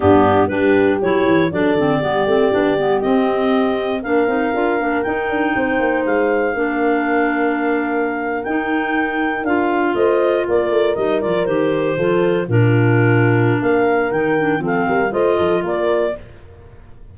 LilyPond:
<<
  \new Staff \with { instrumentName = "clarinet" } { \time 4/4 \tempo 4 = 119 g'4 b'4 cis''4 d''4~ | d''2 dis''2 | f''2 g''2 | f''1~ |
f''8. g''2 f''4 dis''16~ | dis''8. d''4 dis''8 d''8 c''4~ c''16~ | c''8. ais'2~ ais'16 f''4 | g''4 f''4 dis''4 d''4 | }
  \new Staff \with { instrumentName = "horn" } { \time 4/4 d'4 g'2 a'4 | g'1 | ais'2. c''4~ | c''4 ais'2.~ |
ais'2.~ ais'8. c''16~ | c''8. ais'2. a'16~ | a'8. f'2~ f'16 ais'4~ | ais'4 a'8 ais'8 c''8 a'8 ais'4 | }
  \new Staff \with { instrumentName = "clarinet" } { \time 4/4 b4 d'4 e'4 d'8 c'8 | b8 c'8 d'8 b8 c'2 | d'8 dis'8 f'8 d'8 dis'2~ | dis'4 d'2.~ |
d'8. dis'2 f'4~ f'16~ | f'4.~ f'16 dis'8 f'8 g'4 f'16~ | f'8. d'2.~ d'16 | dis'8 d'8 c'4 f'2 | }
  \new Staff \with { instrumentName = "tuba" } { \time 4/4 g,4 g4 fis8 e8 fis8 d8 | g8 a8 b8 g8 c'2 | ais8 c'8 d'8 ais8 dis'8 d'8 c'8 ais8 | gis4 ais2.~ |
ais8. dis'2 d'4 a16~ | a8. ais8 a8 g8 f8 dis4 f16~ | f8. ais,2~ ais,16 ais4 | dis4 f8 g8 a8 f8 ais4 | }
>>